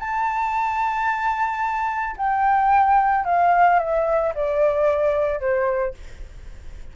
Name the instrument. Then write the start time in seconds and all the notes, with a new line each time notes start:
flute
0.00 A5
2.17 G5
3.26 F5
3.80 E5
4.35 D5
5.40 C5